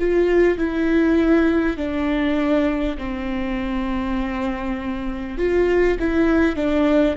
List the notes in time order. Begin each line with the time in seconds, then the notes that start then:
0.00 F4
0.58 E4
1.77 D4
2.98 C4
5.38 F4
6.00 E4
6.56 D4